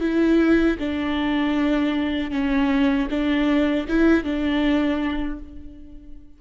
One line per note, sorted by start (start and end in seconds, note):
0.00 0.77 E4
0.79 2.31 D4
2.31 3.08 C#4
3.10 3.87 D4
3.88 4.24 E4
4.24 5.39 D4